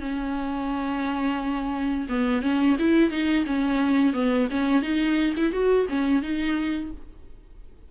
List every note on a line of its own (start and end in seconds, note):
0.00 2.07 C#4
2.09 2.42 B3
2.42 2.76 C#4
2.78 3.10 E4
3.10 3.45 D#4
3.46 4.13 C#4
4.13 4.47 B3
4.50 4.82 C#4
4.82 5.34 D#4
5.36 5.52 E4
5.52 5.87 F#4
5.89 6.22 C#4
6.22 6.91 D#4